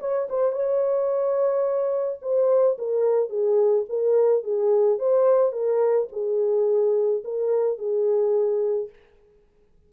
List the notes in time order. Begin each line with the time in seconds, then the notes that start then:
0.00 C#5
0.30 C5
0.52 C#5
2.22 C5
2.78 A#4
3.30 G#4
3.89 A#4
4.44 G#4
4.99 C5
5.52 A#4
6.12 G#4
7.24 A#4
7.79 G#4